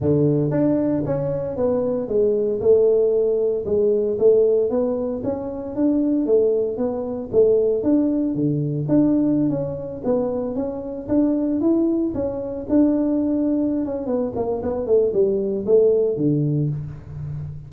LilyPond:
\new Staff \with { instrumentName = "tuba" } { \time 4/4 \tempo 4 = 115 d4 d'4 cis'4 b4 | gis4 a2 gis4 | a4 b4 cis'4 d'4 | a4 b4 a4 d'4 |
d4 d'4~ d'16 cis'4 b8.~ | b16 cis'4 d'4 e'4 cis'8.~ | cis'16 d'2~ d'16 cis'8 b8 ais8 | b8 a8 g4 a4 d4 | }